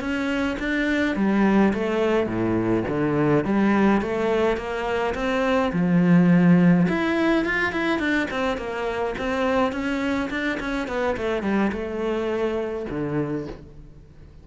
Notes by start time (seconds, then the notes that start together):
0.00 C#4
0.59 D4
1.16 G3
1.74 A3
2.27 A2
2.88 D3
3.44 G3
4.02 A3
4.57 A#3
5.15 C4
5.72 F3
6.89 E4
7.45 F4
7.72 E4
7.99 D4
8.30 C4
8.57 A#3
9.18 C4
9.72 C#4
10.30 D4
10.60 C#4
10.88 B3
11.17 A3
11.43 G3
11.72 A3
12.90 D3